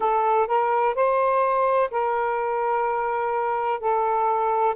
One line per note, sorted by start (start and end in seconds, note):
0.00 0.47 A4
0.47 0.94 A#4
0.94 1.90 C5
1.90 3.80 A#4
3.80 4.75 A4